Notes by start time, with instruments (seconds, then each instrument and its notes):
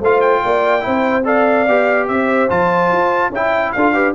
0.00 tuba A3, trombone F4, horn C5, trumpet F5
0.21 trumpet G5
0.44 tuba A#3, horn D5
0.80 tuba C4, trombone E4, horn C5
1.24 trombone A4, horn D5, trumpet F5
1.68 tuba B3, trombone G4
2.07 tuba C4, horn C5, trumpet E5
2.48 tuba F3, trombone F4, trumpet A5
2.91 tuba F4
3.29 tuba C#4, horn E5, trumpet G5
3.35 trombone E4
3.72 tuba D4, trombone F4, horn A4, trumpet F5
3.93 trombone G4, horn B4